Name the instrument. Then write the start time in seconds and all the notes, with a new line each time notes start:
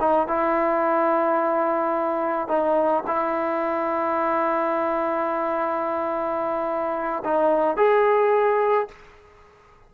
trombone
0.00 D#4
0.28 E4
2.48 D#4
3.07 E4
7.24 D#4
7.77 G#4